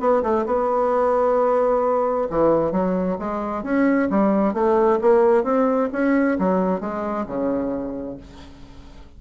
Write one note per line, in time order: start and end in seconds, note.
0.00 0.23 B3
0.23 0.46 A3
0.46 2.28 B3
2.30 2.72 E3
2.72 3.17 F#3
3.19 3.64 G#3
3.64 4.09 C#4
4.10 4.54 G3
4.54 4.99 A3
5.01 5.44 A#3
5.44 5.89 C4
5.93 6.38 C#4
6.39 6.81 F#3
6.81 7.26 G#3
7.27 8.18 C#3